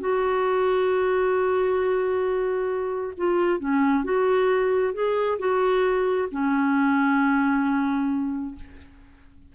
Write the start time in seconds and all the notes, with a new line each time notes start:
0.00 F#4
3.17 F4
3.60 C#4
4.04 F#4
4.94 G#4
5.39 F#4
6.31 C#4